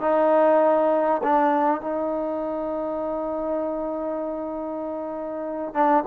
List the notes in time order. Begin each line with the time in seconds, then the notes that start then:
0.00 D#4
1.23 D4
1.80 D#4
5.74 D4